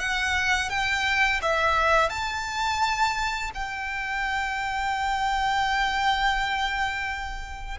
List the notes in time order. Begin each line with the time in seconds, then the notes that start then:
0.00 F#5
0.70 G5
1.42 E5
2.10 A5
3.55 G5